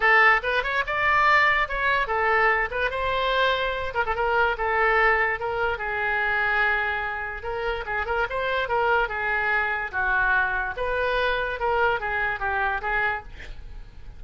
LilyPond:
\new Staff \with { instrumentName = "oboe" } { \time 4/4 \tempo 4 = 145 a'4 b'8 cis''8 d''2 | cis''4 a'4. b'8 c''4~ | c''4. ais'16 a'16 ais'4 a'4~ | a'4 ais'4 gis'2~ |
gis'2 ais'4 gis'8 ais'8 | c''4 ais'4 gis'2 | fis'2 b'2 | ais'4 gis'4 g'4 gis'4 | }